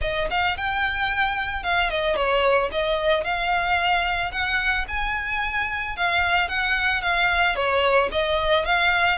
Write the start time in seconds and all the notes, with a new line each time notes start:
0.01 D#5
0.30 F5
0.57 G5
1.63 F5
1.90 D#5
2.15 C#5
2.71 D#5
3.24 F5
4.31 F#5
4.88 G#5
5.96 F5
6.48 F#5
7.01 F5
7.55 C#5
8.11 D#5
8.65 F5